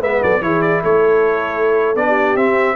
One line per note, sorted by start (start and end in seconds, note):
0.00 0.23 G#3
0.00 0.42 B3
0.00 0.21 B4
0.00 0.23 E5
0.23 0.42 F#3
0.23 0.44 A4
0.23 0.43 D5
0.42 0.83 E3
0.42 1.96 E4
0.42 0.84 G#4
0.42 0.62 C#5
0.62 0.83 D5
0.84 1.96 A3
0.84 2.07 A4
0.84 1.97 C#5
1.96 2.36 B3
1.96 2.38 D4
1.96 2.37 D5
2.08 2.77 G4
2.36 2.77 C4
2.36 2.77 E5